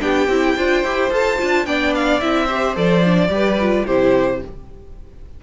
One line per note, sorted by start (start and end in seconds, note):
0.00 0.28 B3
0.00 0.28 D4
0.00 0.57 G4
0.00 1.12 G5
0.28 0.55 C4
0.28 0.58 E4
0.57 0.84 D4
0.57 0.85 F4
0.57 1.67 C5
0.84 1.11 E4
0.84 1.11 G4
1.11 1.39 F4
1.11 1.39 A4
1.11 1.67 A5
1.39 1.67 D4
1.39 1.67 F4
1.67 2.22 B3
1.67 2.21 D4
1.67 2.46 D5
1.67 1.94 G5
1.95 2.21 F5
2.21 2.76 C4
2.21 2.49 E4
2.21 2.76 E5
2.46 2.76 G4
2.46 3.29 C5
2.76 3.29 F3
2.76 3.04 A4
2.76 3.87 D5
3.05 3.30 D4
3.29 3.84 G3
3.29 3.57 G4
3.29 3.86 B4
3.61 3.88 F4
3.86 4.43 C3
3.86 4.44 E4
3.86 4.41 G4
3.86 4.42 C5